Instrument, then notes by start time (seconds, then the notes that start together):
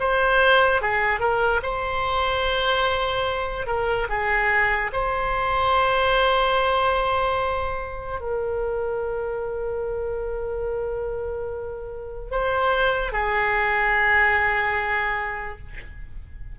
oboe
0.00 C5
0.81 G#4
1.20 A#4
1.63 C5
3.67 A#4
4.09 G#4
4.93 C5
8.20 A#4
12.31 C5
13.12 G#4